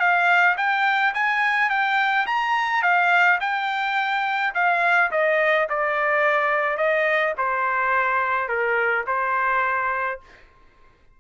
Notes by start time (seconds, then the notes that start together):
0.00 F5
0.58 G5
1.14 G#5
1.70 G5
2.27 A#5
2.83 F5
3.41 G5
4.55 F5
5.12 D#5
5.70 D5
6.78 D#5
7.38 C5
8.49 A#4
9.07 C5